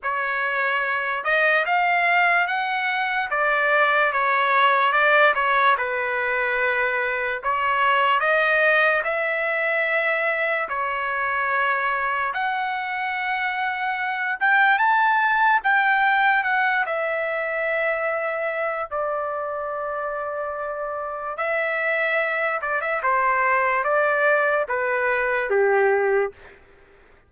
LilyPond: \new Staff \with { instrumentName = "trumpet" } { \time 4/4 \tempo 4 = 73 cis''4. dis''8 f''4 fis''4 | d''4 cis''4 d''8 cis''8 b'4~ | b'4 cis''4 dis''4 e''4~ | e''4 cis''2 fis''4~ |
fis''4. g''8 a''4 g''4 | fis''8 e''2~ e''8 d''4~ | d''2 e''4. d''16 e''16 | c''4 d''4 b'4 g'4 | }